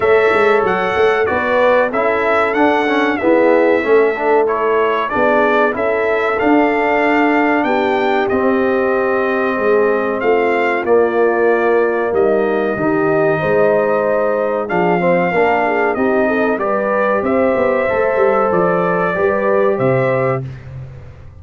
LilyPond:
<<
  \new Staff \with { instrumentName = "trumpet" } { \time 4/4 \tempo 4 = 94 e''4 fis''4 d''4 e''4 | fis''4 e''2 cis''4 | d''4 e''4 f''2 | g''4 dis''2. |
f''4 d''2 dis''4~ | dis''2. f''4~ | f''4 dis''4 d''4 e''4~ | e''4 d''2 e''4 | }
  \new Staff \with { instrumentName = "horn" } { \time 4/4 cis''2 b'4 a'4~ | a'4 gis'4 a'2 | gis'4 a'2. | g'2. gis'4 |
f'2. dis'4 | g'4 c''2 gis'8 c''8 | ais'8 gis'8 g'8 a'8 b'4 c''4~ | c''2 b'4 c''4 | }
  \new Staff \with { instrumentName = "trombone" } { \time 4/4 a'2 fis'4 e'4 | d'8 cis'8 b4 cis'8 d'8 e'4 | d'4 e'4 d'2~ | d'4 c'2.~ |
c'4 ais2. | dis'2. d'8 c'8 | d'4 dis'4 g'2 | a'2 g'2 | }
  \new Staff \with { instrumentName = "tuba" } { \time 4/4 a8 gis8 fis8 a8 b4 cis'4 | d'4 e'4 a2 | b4 cis'4 d'2 | b4 c'2 gis4 |
a4 ais2 g4 | dis4 gis2 f4 | ais4 c'4 g4 c'8 b8 | a8 g8 f4 g4 c4 | }
>>